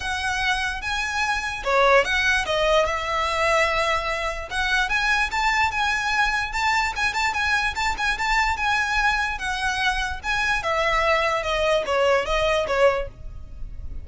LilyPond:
\new Staff \with { instrumentName = "violin" } { \time 4/4 \tempo 4 = 147 fis''2 gis''2 | cis''4 fis''4 dis''4 e''4~ | e''2. fis''4 | gis''4 a''4 gis''2 |
a''4 gis''8 a''8 gis''4 a''8 gis''8 | a''4 gis''2 fis''4~ | fis''4 gis''4 e''2 | dis''4 cis''4 dis''4 cis''4 | }